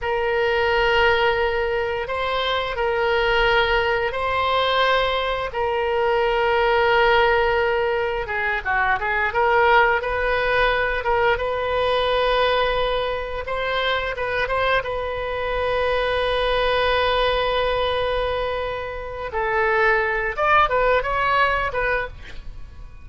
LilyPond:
\new Staff \with { instrumentName = "oboe" } { \time 4/4 \tempo 4 = 87 ais'2. c''4 | ais'2 c''2 | ais'1 | gis'8 fis'8 gis'8 ais'4 b'4. |
ais'8 b'2. c''8~ | c''8 b'8 c''8 b'2~ b'8~ | b'1 | a'4. d''8 b'8 cis''4 b'8 | }